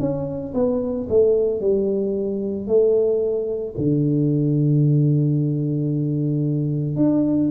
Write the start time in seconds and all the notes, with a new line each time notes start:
0.00 C#4
0.55 B3
1.10 A3
1.61 G3
2.68 A3
3.78 D3
6.96 D4